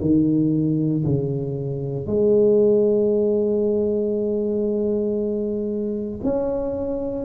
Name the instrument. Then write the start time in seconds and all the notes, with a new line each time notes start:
tuba
0.00 D#3
1.04 C#3
2.06 G#3
6.23 C#4